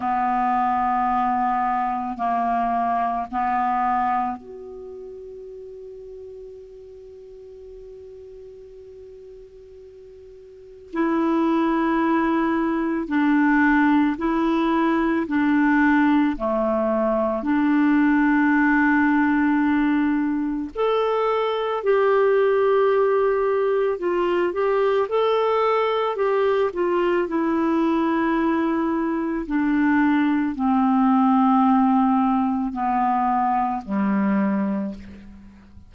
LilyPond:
\new Staff \with { instrumentName = "clarinet" } { \time 4/4 \tempo 4 = 55 b2 ais4 b4 | fis'1~ | fis'2 e'2 | d'4 e'4 d'4 a4 |
d'2. a'4 | g'2 f'8 g'8 a'4 | g'8 f'8 e'2 d'4 | c'2 b4 g4 | }